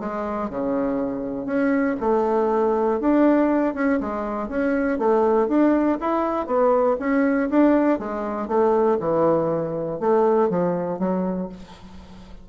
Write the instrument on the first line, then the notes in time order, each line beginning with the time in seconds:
bassoon
0.00 G#3
0.50 C#3
1.46 C#4
2.00 A3
3.00 D4
3.75 C#4
4.01 G#3
4.49 C#4
4.99 A3
5.49 D4
6.01 E4
6.47 B3
7.00 C#4
7.50 D4
8.00 G#3
8.48 A3
9.00 E3
10.00 A3
10.50 F3
10.99 F#3